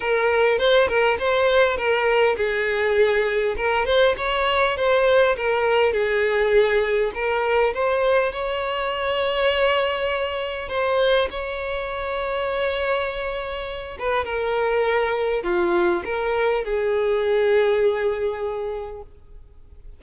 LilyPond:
\new Staff \with { instrumentName = "violin" } { \time 4/4 \tempo 4 = 101 ais'4 c''8 ais'8 c''4 ais'4 | gis'2 ais'8 c''8 cis''4 | c''4 ais'4 gis'2 | ais'4 c''4 cis''2~ |
cis''2 c''4 cis''4~ | cis''2.~ cis''8 b'8 | ais'2 f'4 ais'4 | gis'1 | }